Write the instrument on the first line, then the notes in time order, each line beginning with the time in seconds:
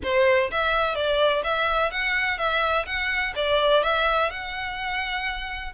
violin
0.03 C5
0.51 E5
0.95 D5
1.43 E5
1.91 F#5
2.37 E5
2.85 F#5
3.35 D5
3.83 E5
4.30 F#5